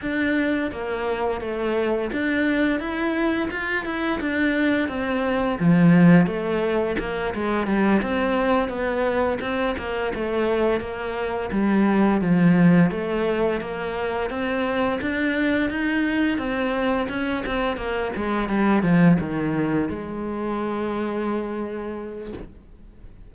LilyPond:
\new Staff \with { instrumentName = "cello" } { \time 4/4 \tempo 4 = 86 d'4 ais4 a4 d'4 | e'4 f'8 e'8 d'4 c'4 | f4 a4 ais8 gis8 g8 c'8~ | c'8 b4 c'8 ais8 a4 ais8~ |
ais8 g4 f4 a4 ais8~ | ais8 c'4 d'4 dis'4 c'8~ | c'8 cis'8 c'8 ais8 gis8 g8 f8 dis8~ | dis8 gis2.~ gis8 | }